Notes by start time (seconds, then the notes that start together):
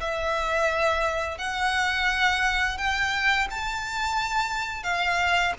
0.00 E5
1.38 F#5
2.77 G5
3.50 A5
4.83 F5